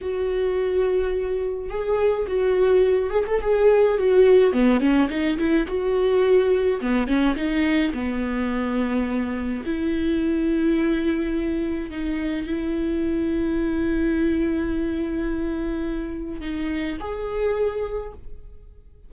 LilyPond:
\new Staff \with { instrumentName = "viola" } { \time 4/4 \tempo 4 = 106 fis'2. gis'4 | fis'4. gis'16 a'16 gis'4 fis'4 | b8 cis'8 dis'8 e'8 fis'2 | b8 cis'8 dis'4 b2~ |
b4 e'2.~ | e'4 dis'4 e'2~ | e'1~ | e'4 dis'4 gis'2 | }